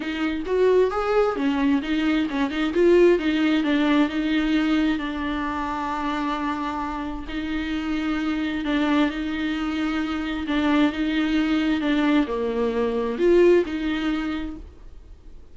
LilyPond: \new Staff \with { instrumentName = "viola" } { \time 4/4 \tempo 4 = 132 dis'4 fis'4 gis'4 cis'4 | dis'4 cis'8 dis'8 f'4 dis'4 | d'4 dis'2 d'4~ | d'1 |
dis'2. d'4 | dis'2. d'4 | dis'2 d'4 ais4~ | ais4 f'4 dis'2 | }